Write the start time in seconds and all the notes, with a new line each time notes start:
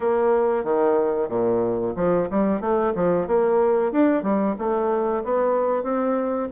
0.00 A#3
0.64 D#3
1.28 A#2
1.96 F3
2.30 G3
2.60 A3
2.95 F3
3.27 A#3
3.92 D4
4.22 G3
4.58 A3
5.24 B3
5.83 C4